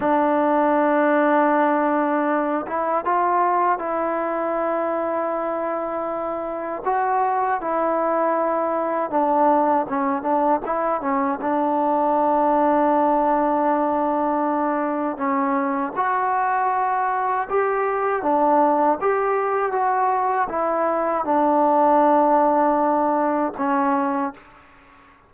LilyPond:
\new Staff \with { instrumentName = "trombone" } { \time 4/4 \tempo 4 = 79 d'2.~ d'8 e'8 | f'4 e'2.~ | e'4 fis'4 e'2 | d'4 cis'8 d'8 e'8 cis'8 d'4~ |
d'1 | cis'4 fis'2 g'4 | d'4 g'4 fis'4 e'4 | d'2. cis'4 | }